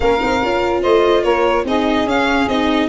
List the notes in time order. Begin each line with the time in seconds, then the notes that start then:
0.00 A#3 C#4 A#4 F5
0.20 C4 D#4
0.42 C#4 F4
0.81 A3 C5 D#5
1.23 A#3 A#4 C#5
1.64 C4 D#4 G#4 D#5
2.04 C#4 F5
2.47 C4 D#4 D#5